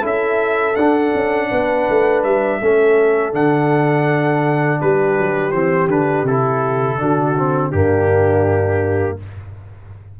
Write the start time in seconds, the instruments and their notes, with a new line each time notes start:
0.00 tuba C#4, trombone E4, horn A4, trumpet E5
0.76 tuba D4, trombone D4, trumpet F#5
1.14 tuba C#4
1.50 tuba B3, horn B4
1.89 tuba A3
2.23 tuba G3, trumpet E5
2.61 tuba A3, trombone C#4, horn A4
3.32 tuba D3, trombone D4, trumpet F#5
4.81 tuba G3, horn G4, trumpet B4
5.18 tuba F#3
5.51 tuba E3, trombone C4, trumpet C5
5.87 tuba D3, trombone D4, trumpet B4
6.23 tuba C3, trombone E4, trumpet A4
6.98 tuba D3, trombone D4, horn F#4
7.37 trombone C4
7.70 tuba G2, trombone A#3, horn D4, trumpet G4